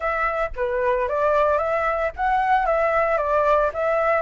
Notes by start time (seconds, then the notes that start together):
0.00 E5
0.56 B4
1.08 D5
1.58 E5
2.16 F#5
2.66 E5
3.17 D5
3.73 E5